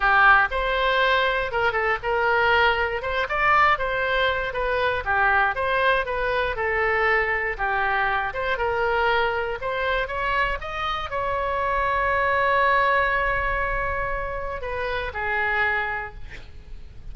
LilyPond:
\new Staff \with { instrumentName = "oboe" } { \time 4/4 \tempo 4 = 119 g'4 c''2 ais'8 a'8 | ais'2 c''8 d''4 c''8~ | c''4 b'4 g'4 c''4 | b'4 a'2 g'4~ |
g'8 c''8 ais'2 c''4 | cis''4 dis''4 cis''2~ | cis''1~ | cis''4 b'4 gis'2 | }